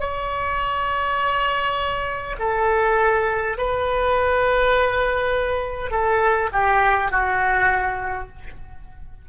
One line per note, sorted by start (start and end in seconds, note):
0.00 2.35 C#5
2.39 3.57 A4
3.57 5.90 B4
5.90 6.49 A4
6.52 7.11 G4
7.11 8.28 F#4